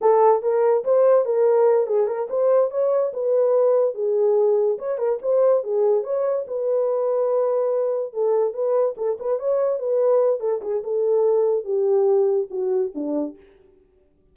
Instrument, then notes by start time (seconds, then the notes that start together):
horn
0.01 A4
0.42 A#4
0.84 C5
1.25 A#4
1.87 G#4
2.07 A#4
2.29 C5
2.70 C#5
3.13 B4
3.94 G#4
4.78 C#5
4.98 A#4
5.22 C5
5.63 G#4
6.03 C#5
6.47 B4
8.13 A4
8.53 B4
8.97 A4
9.19 B4
9.39 C#5
9.79 B4
10.39 A4
10.61 G#4
10.83 A4
11.64 G4
12.50 F#4
12.94 D4